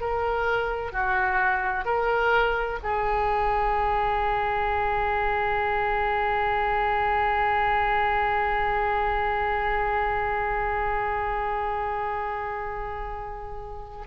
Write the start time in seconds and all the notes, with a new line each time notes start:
0.00 A#4
0.92 F#4
1.85 A#4
2.83 G#4